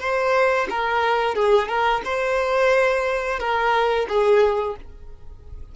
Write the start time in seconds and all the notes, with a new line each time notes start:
0.00 C5
0.70 A#4
1.35 G#4
1.68 A#4
2.05 C5
3.39 A#4
4.08 G#4